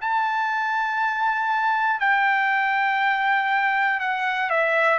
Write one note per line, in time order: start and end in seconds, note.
0.00 2.00 A5
2.00 4.00 G5
4.00 4.50 F#5
4.50 4.98 E5